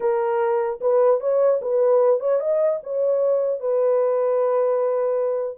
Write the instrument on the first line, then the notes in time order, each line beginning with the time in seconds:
horn
0.00 A#4
0.80 B4
1.20 C#5
1.61 B4
2.20 C#5
2.39 D#5
2.83 C#5
3.59 B4